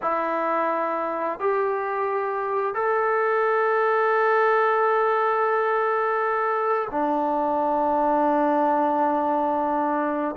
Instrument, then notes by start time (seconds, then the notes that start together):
trombone
0.02 E4
1.39 G4
2.74 A4
6.91 D4